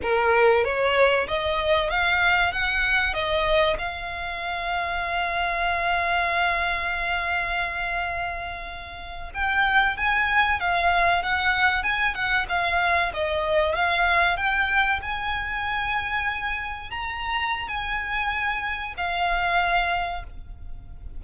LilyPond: \new Staff \with { instrumentName = "violin" } { \time 4/4 \tempo 4 = 95 ais'4 cis''4 dis''4 f''4 | fis''4 dis''4 f''2~ | f''1~ | f''2~ f''8. g''4 gis''16~ |
gis''8. f''4 fis''4 gis''8 fis''8 f''16~ | f''8. dis''4 f''4 g''4 gis''16~ | gis''2~ gis''8. ais''4~ ais''16 | gis''2 f''2 | }